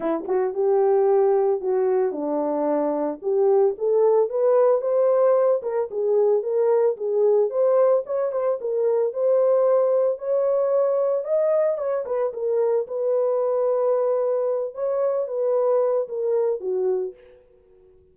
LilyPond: \new Staff \with { instrumentName = "horn" } { \time 4/4 \tempo 4 = 112 e'8 fis'8 g'2 fis'4 | d'2 g'4 a'4 | b'4 c''4. ais'8 gis'4 | ais'4 gis'4 c''4 cis''8 c''8 |
ais'4 c''2 cis''4~ | cis''4 dis''4 cis''8 b'8 ais'4 | b'2.~ b'8 cis''8~ | cis''8 b'4. ais'4 fis'4 | }